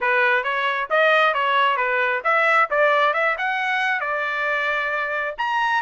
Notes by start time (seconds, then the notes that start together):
0.00 B4
0.43 C#5
0.90 D#5
1.34 C#5
1.77 B4
2.23 E5
2.70 D5
3.13 E5
3.38 F#5
4.00 D5
5.38 A#5